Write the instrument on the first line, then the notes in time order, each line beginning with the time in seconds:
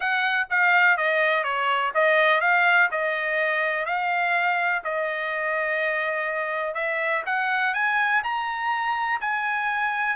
trumpet
0.00 F#5
0.49 F5
0.97 D#5
1.43 C#5
1.94 D#5
2.40 F5
2.91 D#5
3.85 F5
4.84 D#5
6.74 E5
7.26 F#5
7.74 G#5
8.23 A#5
9.20 G#5